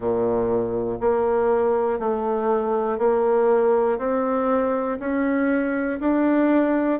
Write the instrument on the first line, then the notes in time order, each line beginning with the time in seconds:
bassoon
0.00 A#2
1.00 A#3
1.99 A3
2.98 A#3
3.98 C4
4.99 C#4
6.00 D4